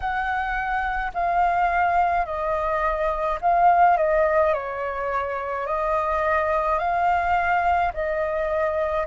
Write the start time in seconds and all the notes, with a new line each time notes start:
0.00 F#5
1.14 F5
2.25 D#5
3.41 F5
3.97 D#5
4.53 C#5
5.66 D#5
6.78 F5
7.93 D#5